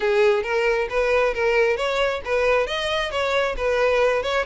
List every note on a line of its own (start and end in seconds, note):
0.00 0.43 G#4
0.43 0.87 A#4
0.89 1.34 B4
1.34 1.77 A#4
1.77 2.21 C#5
2.24 2.67 B4
2.67 3.11 D#5
3.11 3.55 C#5
3.57 4.22 B4
4.22 4.45 C#5